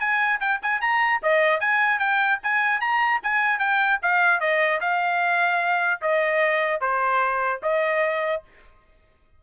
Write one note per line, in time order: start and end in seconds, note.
0.00 0.40 G#5
0.40 0.60 G5
0.62 0.81 G#5
0.81 1.21 A#5
1.23 1.60 D#5
1.60 1.99 G#5
1.99 2.39 G5
2.43 2.81 G#5
2.81 3.21 A#5
3.23 3.59 G#5
3.59 3.99 G5
4.02 4.41 F5
4.41 4.81 D#5
4.81 6.01 F5
6.02 6.81 D#5
6.81 7.61 C5
7.63 8.43 D#5